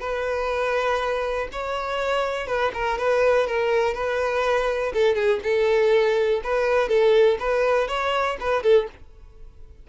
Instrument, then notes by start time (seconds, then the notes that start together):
violin
0.00 B4
1.52 C#5
2.47 B4
2.73 A#4
2.98 B4
3.46 A#4
3.94 B4
4.94 A4
5.15 G#4
5.43 A4
6.43 B4
6.88 A4
7.39 B4
7.87 C#5
8.40 B4
8.63 A4